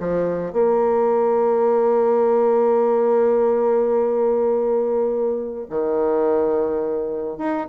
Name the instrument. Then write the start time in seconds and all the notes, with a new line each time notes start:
bassoon
0.00 F3
0.53 A#3
5.70 D#3
7.38 D#4